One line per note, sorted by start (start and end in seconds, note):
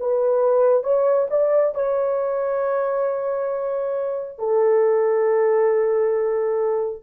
0.00 0.84 B4
0.84 1.28 C#5
1.31 1.75 D5
1.75 4.39 C#5
4.39 7.03 A4